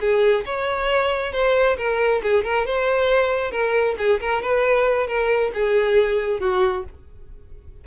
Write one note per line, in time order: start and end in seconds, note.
0.00 0.44 G#4
0.45 1.32 C#5
1.32 1.76 C5
1.77 2.21 A#4
2.22 2.44 G#4
2.44 2.66 A#4
2.66 3.51 C5
3.51 3.95 A#4
3.97 4.20 G#4
4.20 4.42 A#4
4.42 5.07 B4
5.07 5.51 A#4
5.54 6.40 G#4
6.40 6.84 F#4